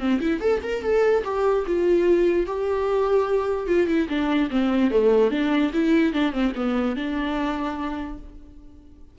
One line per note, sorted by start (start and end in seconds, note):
0.00 0.20 C4
0.21 0.40 E4
0.40 0.61 A4
0.63 0.83 A#4
0.83 1.24 A4
1.24 1.65 G4
1.67 2.47 F4
2.47 3.67 G4
3.67 3.87 F4
3.88 4.08 E4
4.09 4.50 D4
4.51 4.91 C4
4.91 5.31 A3
5.31 5.72 D4
5.73 6.13 E4
6.13 6.32 D4
6.32 6.53 C4
6.55 6.96 B3
6.96 8.19 D4